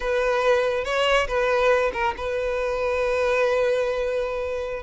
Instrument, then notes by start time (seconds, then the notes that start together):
violin
0.00 B4
0.84 C#5
1.27 B4
1.93 A#4
2.17 B4